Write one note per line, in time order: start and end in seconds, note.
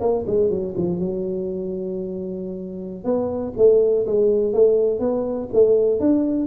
0.00 0.24 A#3
0.26 0.49 G#3
0.49 0.74 F#3
0.76 0.99 F3
0.99 3.04 F#3
3.04 3.53 B3
3.57 4.06 A3
4.06 4.53 G#3
4.53 4.99 A3
4.99 5.48 B3
5.53 5.99 A3
5.99 6.47 D4